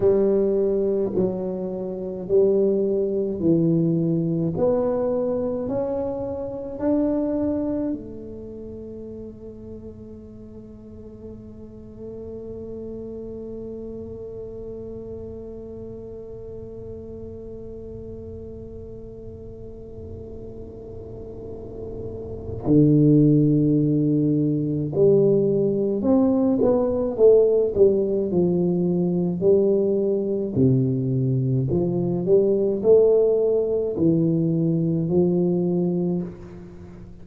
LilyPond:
\new Staff \with { instrumentName = "tuba" } { \time 4/4 \tempo 4 = 53 g4 fis4 g4 e4 | b4 cis'4 d'4 a4~ | a1~ | a1~ |
a1 | d2 g4 c'8 b8 | a8 g8 f4 g4 c4 | f8 g8 a4 e4 f4 | }